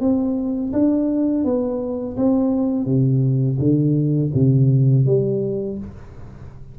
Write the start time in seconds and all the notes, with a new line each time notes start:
0.00 C4
0.73 D4
1.44 B3
2.17 C4
2.86 C3
3.59 D3
4.34 C3
5.06 G3